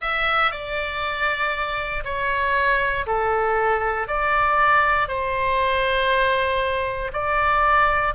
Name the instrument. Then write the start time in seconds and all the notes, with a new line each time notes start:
oboe
0.01 E5
0.51 D5
2.04 C#5
3.06 A4
4.07 D5
5.08 C5
7.12 D5